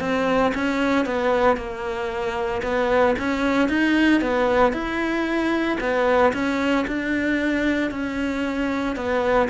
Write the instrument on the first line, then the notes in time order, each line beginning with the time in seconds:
cello
0.00 C4
0.55 C#4
1.06 B3
1.57 A#3
2.63 B3
3.19 C#4
3.69 D#4
4.22 B3
4.73 E4
5.80 B3
6.33 C#4
6.88 D4
7.90 C#4
8.96 B3